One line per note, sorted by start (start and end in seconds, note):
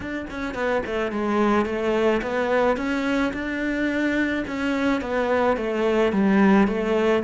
0.00 0.26 D4
0.30 0.54 C#4
0.54 0.82 B3
0.85 1.11 A3
1.11 1.65 G#3
1.65 2.21 A3
2.21 2.77 B3
2.77 3.32 C#4
3.33 4.44 D4
4.47 5.01 C#4
5.01 5.56 B3
5.57 6.12 A3
6.12 6.67 G3
6.67 7.23 A3